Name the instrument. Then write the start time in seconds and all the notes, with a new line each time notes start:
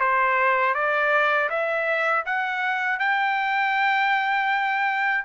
trumpet
0.00 C5
0.74 D5
1.50 E5
2.26 F#5
2.99 G5